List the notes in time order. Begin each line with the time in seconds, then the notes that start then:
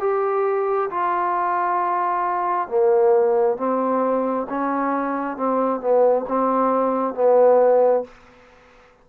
0.00 G4
0.90 F4
2.68 A#3
3.57 C4
4.49 C#4
5.36 C4
5.80 B3
6.28 C4
7.14 B3